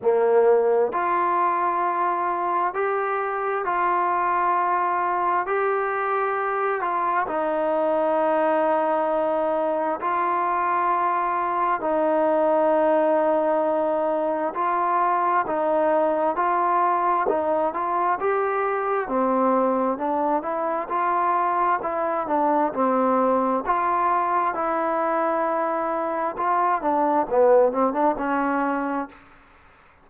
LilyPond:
\new Staff \with { instrumentName = "trombone" } { \time 4/4 \tempo 4 = 66 ais4 f'2 g'4 | f'2 g'4. f'8 | dis'2. f'4~ | f'4 dis'2. |
f'4 dis'4 f'4 dis'8 f'8 | g'4 c'4 d'8 e'8 f'4 | e'8 d'8 c'4 f'4 e'4~ | e'4 f'8 d'8 b8 c'16 d'16 cis'4 | }